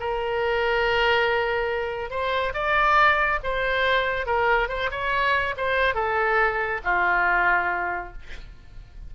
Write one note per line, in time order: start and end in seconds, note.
0.00 2.10 A#4
2.10 2.53 C5
2.54 3.40 D5
3.43 4.26 C5
4.26 4.69 A#4
4.69 4.90 C5
4.91 5.55 C#5
5.57 5.95 C5
5.95 6.81 A4
6.84 8.13 F4